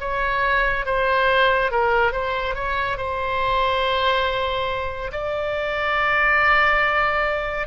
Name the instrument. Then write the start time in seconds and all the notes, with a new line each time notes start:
oboe
0.00 C#5
0.85 C5
1.71 A#4
2.12 C5
2.54 C#5
2.97 C5
5.12 D5